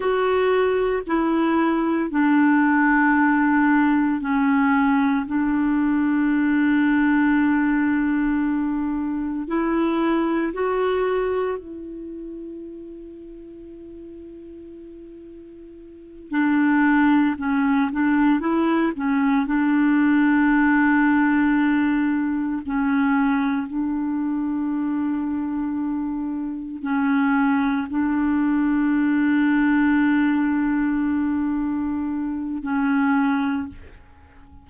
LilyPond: \new Staff \with { instrumentName = "clarinet" } { \time 4/4 \tempo 4 = 57 fis'4 e'4 d'2 | cis'4 d'2.~ | d'4 e'4 fis'4 e'4~ | e'2.~ e'8 d'8~ |
d'8 cis'8 d'8 e'8 cis'8 d'4.~ | d'4. cis'4 d'4.~ | d'4. cis'4 d'4.~ | d'2. cis'4 | }